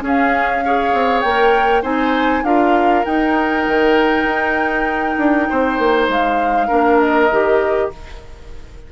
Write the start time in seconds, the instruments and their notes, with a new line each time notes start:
0.00 clarinet C#4, bassoon C#4, oboe G#4
0.07 flute F5
0.65 clarinet G#4, oboe C#5
0.93 bassoon C4
1.21 bassoon A#3, clarinet A#4, flute G5
1.82 bassoon C4, clarinet D#4, oboe C5, flute G#5
2.43 bassoon D4, clarinet F4, oboe A#4, flute F5
3.05 clarinet D#4, bassoon D#4, flute G5
3.68 bassoon D#3
4.25 bassoon D#4
5.18 bassoon D4
5.50 bassoon C4, oboe C5
5.79 bassoon A#3
6.09 bassoon G#3, flute F5
6.68 bassoon A#3, clarinet D4, oboe A#4
7.00 flute D#5
7.31 bassoon D#3, clarinet G4